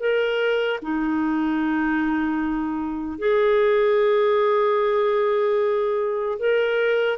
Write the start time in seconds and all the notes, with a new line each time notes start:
0.00 A#4
0.83 D#4
3.19 G#4
6.39 A#4